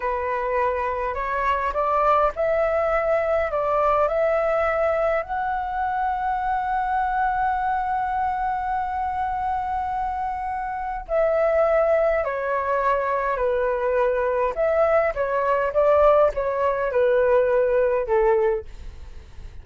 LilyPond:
\new Staff \with { instrumentName = "flute" } { \time 4/4 \tempo 4 = 103 b'2 cis''4 d''4 | e''2 d''4 e''4~ | e''4 fis''2.~ | fis''1~ |
fis''2. e''4~ | e''4 cis''2 b'4~ | b'4 e''4 cis''4 d''4 | cis''4 b'2 a'4 | }